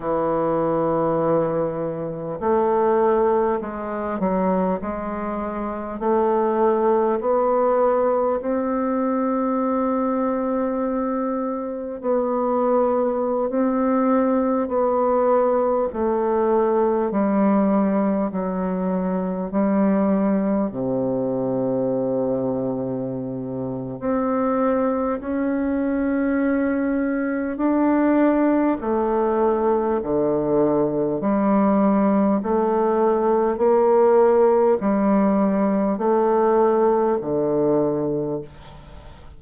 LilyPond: \new Staff \with { instrumentName = "bassoon" } { \time 4/4 \tempo 4 = 50 e2 a4 gis8 fis8 | gis4 a4 b4 c'4~ | c'2 b4~ b16 c'8.~ | c'16 b4 a4 g4 fis8.~ |
fis16 g4 c2~ c8. | c'4 cis'2 d'4 | a4 d4 g4 a4 | ais4 g4 a4 d4 | }